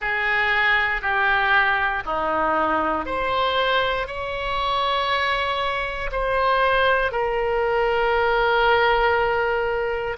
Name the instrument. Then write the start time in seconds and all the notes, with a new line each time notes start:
oboe
0.00 G#4
1.01 G4
2.05 D#4
3.05 C5
4.07 C#5
6.11 C5
7.11 A#4